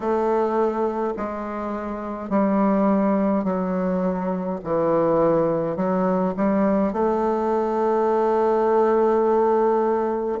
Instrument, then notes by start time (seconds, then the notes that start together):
bassoon
0.00 A3
1.16 G#3
2.29 G3
3.44 F#3
4.64 E3
5.76 F#3
6.37 G3
6.92 A3